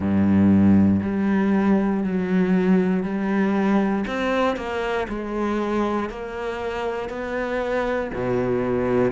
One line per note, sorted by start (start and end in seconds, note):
0.00 1.00 G2
1.02 2.03 G3
2.03 3.03 F#3
3.03 4.04 G3
4.07 4.56 C4
4.56 5.07 A#3
5.08 6.09 G#3
6.09 7.09 A#3
7.09 8.10 B3
8.14 9.11 B2